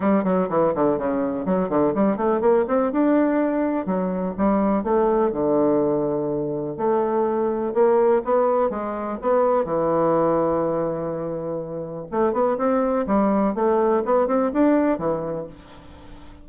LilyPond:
\new Staff \with { instrumentName = "bassoon" } { \time 4/4 \tempo 4 = 124 g8 fis8 e8 d8 cis4 fis8 d8 | g8 a8 ais8 c'8 d'2 | fis4 g4 a4 d4~ | d2 a2 |
ais4 b4 gis4 b4 | e1~ | e4 a8 b8 c'4 g4 | a4 b8 c'8 d'4 e4 | }